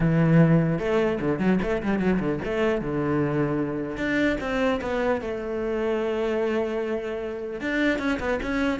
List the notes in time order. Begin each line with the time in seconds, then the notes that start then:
0.00 E3
0.79 A3
1.20 D3
1.39 F#3
1.62 A3
1.82 G3
1.99 F#3
2.19 D3
2.44 A3
2.81 D3
3.97 D4
4.40 C4
4.81 B3
5.21 A3
7.60 D4
7.98 C#4
8.19 B3
8.42 C#4